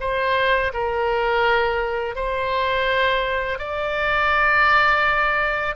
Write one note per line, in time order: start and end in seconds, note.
0.00 0.72 C5
0.73 2.16 A#4
2.16 3.58 C5
3.58 5.75 D5